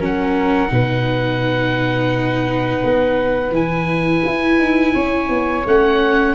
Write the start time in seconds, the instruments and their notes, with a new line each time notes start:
0.00 tuba F#3, viola C#4, flute A#4, oboe F#5
0.68 tuba B2, viola D#4, flute B4
2.84 tuba B3
3.51 tuba E3, viola E4, oboe G#5
4.26 tuba E4
4.59 tuba D#4
4.95 tuba C#4, flute C#5
5.29 tuba B3
5.66 tuba A3, viola C#4, oboe F#5